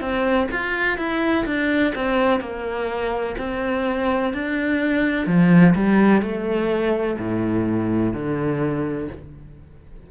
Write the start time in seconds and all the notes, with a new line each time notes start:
0.00 C4
0.51 F4
0.97 E4
1.45 D4
1.95 C4
2.40 A#3
3.38 C4
4.33 D4
5.26 F3
5.75 G3
6.22 A3
7.18 A2
8.13 D3